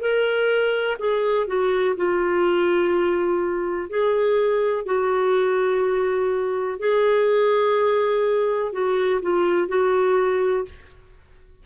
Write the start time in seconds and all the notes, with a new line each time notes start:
0.00 A#4
0.99 G#4
1.47 F#4
1.96 F4
3.90 G#4
4.86 F#4
6.79 G#4
8.72 F#4
9.22 F4
9.68 F#4